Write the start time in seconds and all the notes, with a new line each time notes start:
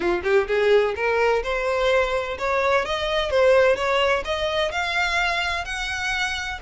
0.00 F4
0.23 G4
0.47 G#4
0.95 A#4
1.43 C5
2.38 C#5
2.85 D#5
3.30 C5
3.76 C#5
4.24 D#5
4.71 F5
5.64 F#5